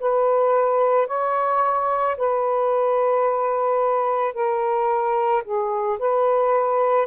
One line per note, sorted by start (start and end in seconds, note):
0.00 1.07 B4
1.07 2.16 C#5
2.17 4.34 B4
4.34 5.43 A#4
5.43 5.98 G#4
5.99 7.07 B4